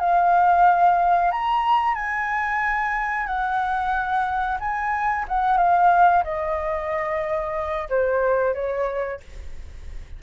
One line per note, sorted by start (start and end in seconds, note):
0.00 1.32 F5
1.32 1.95 A#5
1.95 3.27 G#5
3.27 4.59 F#5
4.60 5.26 G#5
5.28 5.58 F#5
5.58 6.24 F5
6.24 7.89 D#5
7.90 8.54 C5
8.54 9.20 C#5